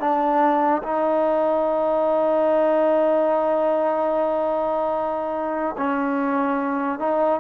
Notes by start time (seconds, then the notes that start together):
0.00 D4
0.83 D#4
5.78 C#4
6.99 D#4